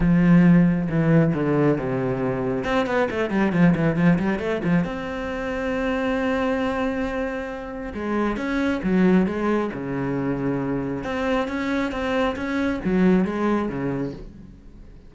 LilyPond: \new Staff \with { instrumentName = "cello" } { \time 4/4 \tempo 4 = 136 f2 e4 d4 | c2 c'8 b8 a8 g8 | f8 e8 f8 g8 a8 f8 c'4~ | c'1~ |
c'2 gis4 cis'4 | fis4 gis4 cis2~ | cis4 c'4 cis'4 c'4 | cis'4 fis4 gis4 cis4 | }